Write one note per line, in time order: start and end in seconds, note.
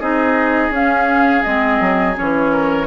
0.00 0.70 C4
0.00 0.72 D#4
0.00 2.52 G#4
0.00 0.73 D#5
0.70 1.42 C#4
0.70 1.44 C#4
0.70 1.43 F5
1.43 1.80 G#3
1.43 2.15 C4
1.43 2.15 D#5
1.80 2.17 F#3
2.15 2.87 E3
2.15 2.87 C#4
2.15 2.87 C#5
2.52 2.87 A#4